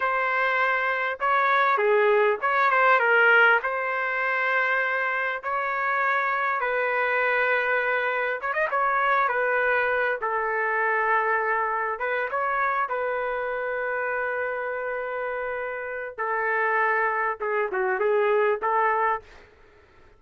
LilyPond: \new Staff \with { instrumentName = "trumpet" } { \time 4/4 \tempo 4 = 100 c''2 cis''4 gis'4 | cis''8 c''8 ais'4 c''2~ | c''4 cis''2 b'4~ | b'2 cis''16 dis''16 cis''4 b'8~ |
b'4 a'2. | b'8 cis''4 b'2~ b'8~ | b'2. a'4~ | a'4 gis'8 fis'8 gis'4 a'4 | }